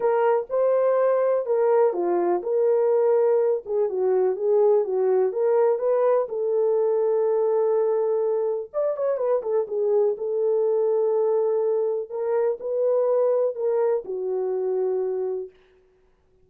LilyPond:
\new Staff \with { instrumentName = "horn" } { \time 4/4 \tempo 4 = 124 ais'4 c''2 ais'4 | f'4 ais'2~ ais'8 gis'8 | fis'4 gis'4 fis'4 ais'4 | b'4 a'2.~ |
a'2 d''8 cis''8 b'8 a'8 | gis'4 a'2.~ | a'4 ais'4 b'2 | ais'4 fis'2. | }